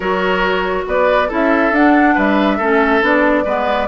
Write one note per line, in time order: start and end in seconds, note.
0.00 0.85 F#3
0.00 1.27 F#4
0.00 0.85 A#4
0.00 0.84 C#5
0.87 1.30 B3
0.87 1.28 B4
0.87 1.31 D5
1.28 1.71 C#4
1.28 1.72 E4
1.28 2.14 A4
1.28 1.75 E5
1.71 2.14 D4
1.71 2.61 D4
1.71 2.18 F#5
2.14 2.59 G3
2.14 2.57 B4
2.14 3.04 E5
2.57 3.02 A3
2.57 3.01 C#4
2.57 3.43 A4
3.01 3.45 B3
3.01 3.44 D4
3.01 3.88 D5
3.44 3.88 G#3
3.44 3.88 B3
3.44 3.87 B4